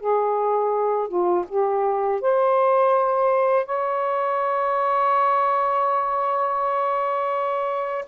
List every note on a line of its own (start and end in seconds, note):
0.00 1.08 G#4
1.08 1.45 F4
1.49 2.21 G4
2.21 3.66 C5
3.66 8.05 C#5